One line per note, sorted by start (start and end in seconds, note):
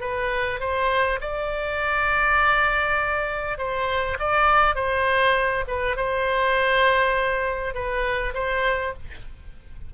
0.00 0.59 B4
0.60 1.19 C5
1.21 3.58 D5
3.58 4.17 C5
4.19 4.75 D5
4.75 5.64 C5
5.67 5.96 B4
5.96 7.74 C5
7.74 8.33 B4
8.34 8.93 C5